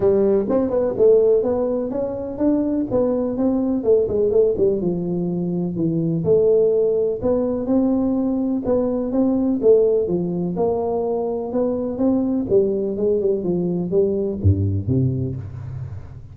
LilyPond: \new Staff \with { instrumentName = "tuba" } { \time 4/4 \tempo 4 = 125 g4 c'8 b8 a4 b4 | cis'4 d'4 b4 c'4 | a8 gis8 a8 g8 f2 | e4 a2 b4 |
c'2 b4 c'4 | a4 f4 ais2 | b4 c'4 g4 gis8 g8 | f4 g4 g,4 c4 | }